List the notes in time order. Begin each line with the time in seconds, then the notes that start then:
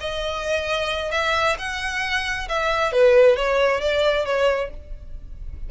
0.00 D#5
1.12 E5
1.59 F#5
2.49 E5
2.92 B4
3.36 C#5
3.81 D5
4.25 C#5